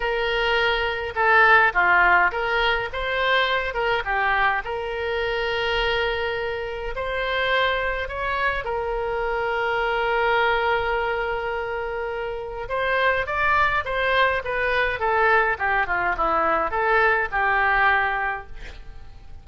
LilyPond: \new Staff \with { instrumentName = "oboe" } { \time 4/4 \tempo 4 = 104 ais'2 a'4 f'4 | ais'4 c''4. ais'8 g'4 | ais'1 | c''2 cis''4 ais'4~ |
ais'1~ | ais'2 c''4 d''4 | c''4 b'4 a'4 g'8 f'8 | e'4 a'4 g'2 | }